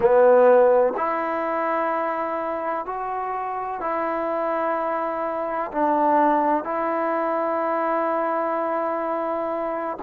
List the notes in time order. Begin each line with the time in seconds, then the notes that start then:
0.00 B3
0.97 E4
2.85 F#4
3.80 E4
5.71 D4
6.64 E4